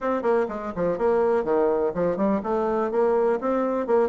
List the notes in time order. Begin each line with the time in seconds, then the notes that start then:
0.00 C4
0.22 A#3
0.48 G#3
0.75 F3
0.98 A#3
1.44 D#3
1.94 F3
2.16 G3
2.43 A3
2.91 A#3
3.40 C4
3.86 A#3